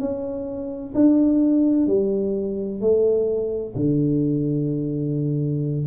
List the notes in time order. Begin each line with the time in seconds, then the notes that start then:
0.00 C#4
0.95 D4
1.87 G3
2.81 A3
3.76 D3